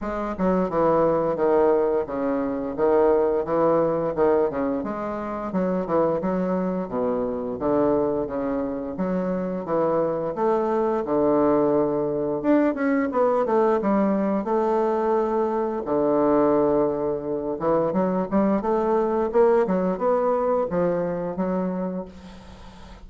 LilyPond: \new Staff \with { instrumentName = "bassoon" } { \time 4/4 \tempo 4 = 87 gis8 fis8 e4 dis4 cis4 | dis4 e4 dis8 cis8 gis4 | fis8 e8 fis4 b,4 d4 | cis4 fis4 e4 a4 |
d2 d'8 cis'8 b8 a8 | g4 a2 d4~ | d4. e8 fis8 g8 a4 | ais8 fis8 b4 f4 fis4 | }